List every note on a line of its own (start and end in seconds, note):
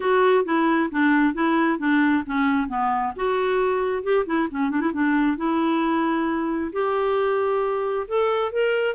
0.00 0.45 F#4
0.45 0.89 E4
0.91 1.34 D4
1.34 1.78 E4
1.78 2.23 D4
2.26 2.68 C#4
2.68 3.13 B3
3.15 4.03 F#4
4.03 4.25 G4
4.26 4.48 E4
4.50 4.70 C#4
4.70 4.81 D4
4.81 4.92 E4
4.93 5.37 D4
5.37 6.71 E4
6.72 8.06 G4
8.07 8.52 A4
8.52 8.95 A#4